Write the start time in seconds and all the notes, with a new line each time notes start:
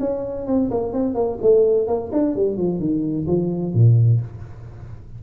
0.00 C#4
0.47 C4
0.71 A#3
0.93 C4
1.15 A#3
1.42 A3
1.87 A#3
2.12 D4
2.36 G3
2.57 F3
2.79 D#3
3.27 F3
3.74 A#2